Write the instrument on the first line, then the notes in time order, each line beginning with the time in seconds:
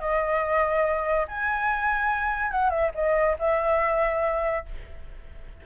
flute
0.00 D#5
1.28 G#5
2.52 F#5
2.70 E5
2.95 D#5
3.39 E5